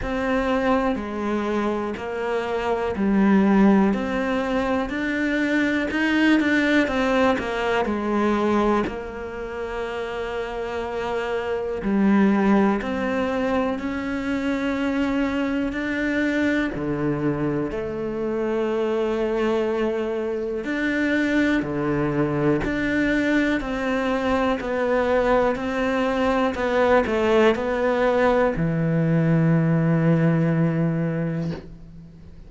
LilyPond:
\new Staff \with { instrumentName = "cello" } { \time 4/4 \tempo 4 = 61 c'4 gis4 ais4 g4 | c'4 d'4 dis'8 d'8 c'8 ais8 | gis4 ais2. | g4 c'4 cis'2 |
d'4 d4 a2~ | a4 d'4 d4 d'4 | c'4 b4 c'4 b8 a8 | b4 e2. | }